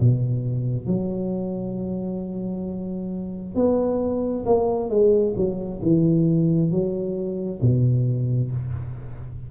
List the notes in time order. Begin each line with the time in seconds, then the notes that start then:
0.00 B2
0.86 F#3
3.55 B3
4.45 A#3
4.89 G#3
5.36 F#3
5.82 E3
6.70 F#3
7.61 B2